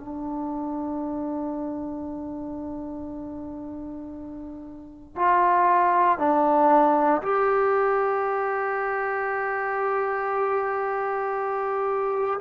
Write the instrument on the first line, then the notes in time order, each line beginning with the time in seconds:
trombone
0.00 D4
5.16 F4
6.19 D4
7.23 G4